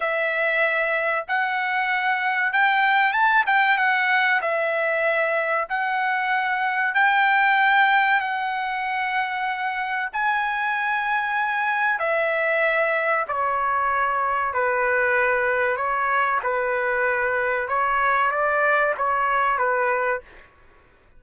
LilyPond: \new Staff \with { instrumentName = "trumpet" } { \time 4/4 \tempo 4 = 95 e''2 fis''2 | g''4 a''8 g''8 fis''4 e''4~ | e''4 fis''2 g''4~ | g''4 fis''2. |
gis''2. e''4~ | e''4 cis''2 b'4~ | b'4 cis''4 b'2 | cis''4 d''4 cis''4 b'4 | }